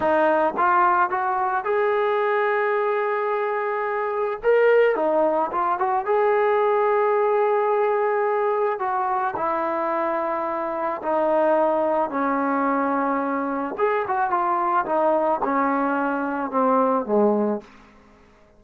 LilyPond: \new Staff \with { instrumentName = "trombone" } { \time 4/4 \tempo 4 = 109 dis'4 f'4 fis'4 gis'4~ | gis'1 | ais'4 dis'4 f'8 fis'8 gis'4~ | gis'1 |
fis'4 e'2. | dis'2 cis'2~ | cis'4 gis'8 fis'8 f'4 dis'4 | cis'2 c'4 gis4 | }